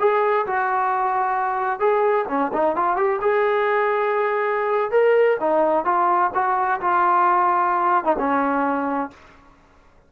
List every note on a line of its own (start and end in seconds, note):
0.00 0.46 G#4
0.47 1.80 F#4
1.80 2.26 G#4
2.29 2.52 C#4
2.54 2.76 D#4
2.76 2.97 F4
2.97 3.20 G4
3.22 4.91 G#4
4.91 5.37 A#4
5.40 5.85 D#4
5.85 6.31 F4
6.35 6.81 F#4
6.81 8.05 F4
8.05 8.16 D#4
8.19 9.11 C#4